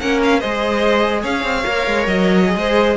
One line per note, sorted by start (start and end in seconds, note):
0.00 0.43 A#3
0.00 0.41 C#4
0.00 0.39 A#4
0.00 0.20 F#5
0.23 0.40 F5
0.39 1.24 G#3
0.39 1.63 G#4
0.39 1.21 C5
0.39 1.22 D#5
1.22 1.43 C#4
1.22 2.55 C#5
1.22 2.06 F5
1.43 1.64 C4
1.65 1.87 A#3
1.65 2.45 A#4
1.87 2.07 G#3
2.07 2.56 F#3
2.07 2.97 D#5
2.45 2.96 G#4
2.56 2.97 G#3
2.56 2.97 C5